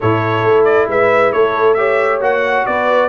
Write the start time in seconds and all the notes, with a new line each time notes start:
0.00 A2 E4 A4 C#5
0.43 A3
0.64 D5
0.88 G#3 B4 E5
1.32 A3 A4 C#5
1.73 G4 C#5 E5
2.20 A#3 F#4 F#5
2.65 B3 B4 D5